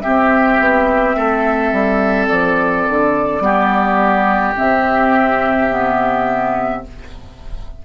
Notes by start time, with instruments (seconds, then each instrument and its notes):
0.00 clarinet C4, oboe G4, flute E5
0.07 bassoon C4
0.59 bassoon B3
1.15 bassoon A3, oboe A4
1.72 bassoon G3
2.28 bassoon F3, flute D5
2.88 bassoon D3
3.40 bassoon G3, clarinet B3, oboe G4
4.56 bassoon C3, clarinet C4, flute E5
5.70 clarinet B3